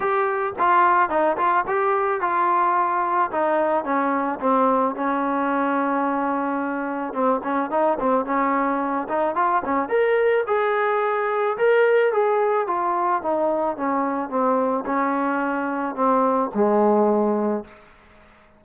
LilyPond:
\new Staff \with { instrumentName = "trombone" } { \time 4/4 \tempo 4 = 109 g'4 f'4 dis'8 f'8 g'4 | f'2 dis'4 cis'4 | c'4 cis'2.~ | cis'4 c'8 cis'8 dis'8 c'8 cis'4~ |
cis'8 dis'8 f'8 cis'8 ais'4 gis'4~ | gis'4 ais'4 gis'4 f'4 | dis'4 cis'4 c'4 cis'4~ | cis'4 c'4 gis2 | }